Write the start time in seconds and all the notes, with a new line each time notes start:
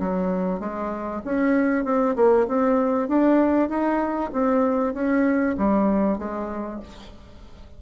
0.00 F#3
0.60 G#3
1.25 C#4
1.85 C4
2.16 A#3
2.48 C4
3.08 D4
3.69 D#4
4.33 C4
4.94 C#4
5.58 G3
6.18 G#3